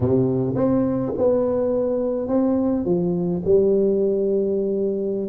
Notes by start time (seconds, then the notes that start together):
0.00 C3
0.55 C4
1.17 B3
2.28 C4
2.85 F3
3.44 G3